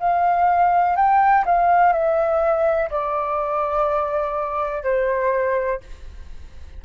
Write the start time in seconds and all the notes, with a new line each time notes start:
0.00 F5
0.96 G5
1.46 F5
1.93 E5
2.90 D5
4.83 C5